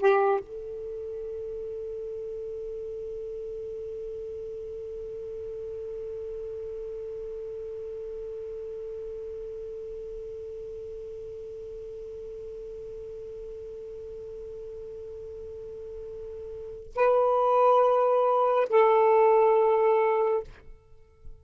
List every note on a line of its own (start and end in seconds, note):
0.00 0.40 G4
0.40 16.92 A4
16.96 18.70 B4
18.70 20.43 A4